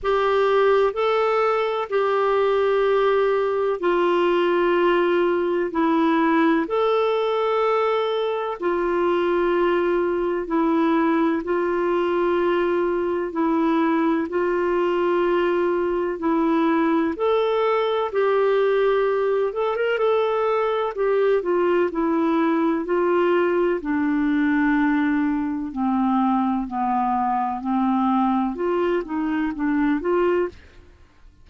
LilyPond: \new Staff \with { instrumentName = "clarinet" } { \time 4/4 \tempo 4 = 63 g'4 a'4 g'2 | f'2 e'4 a'4~ | a'4 f'2 e'4 | f'2 e'4 f'4~ |
f'4 e'4 a'4 g'4~ | g'8 a'16 ais'16 a'4 g'8 f'8 e'4 | f'4 d'2 c'4 | b4 c'4 f'8 dis'8 d'8 f'8 | }